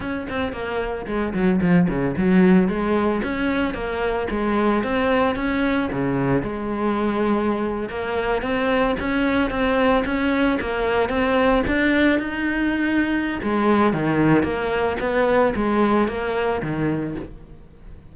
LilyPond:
\new Staff \with { instrumentName = "cello" } { \time 4/4 \tempo 4 = 112 cis'8 c'8 ais4 gis8 fis8 f8 cis8 | fis4 gis4 cis'4 ais4 | gis4 c'4 cis'4 cis4 | gis2~ gis8. ais4 c'16~ |
c'8. cis'4 c'4 cis'4 ais16~ | ais8. c'4 d'4 dis'4~ dis'16~ | dis'4 gis4 dis4 ais4 | b4 gis4 ais4 dis4 | }